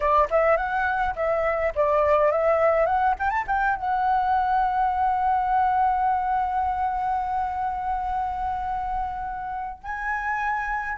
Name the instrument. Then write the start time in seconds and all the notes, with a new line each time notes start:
flute
0.00 D5
0.30 E5
0.56 F#5
1.15 E5
1.75 D5
2.31 E5
2.86 F#5
3.19 G5
3.29 A5
3.47 G5
3.76 F#5
9.83 G#5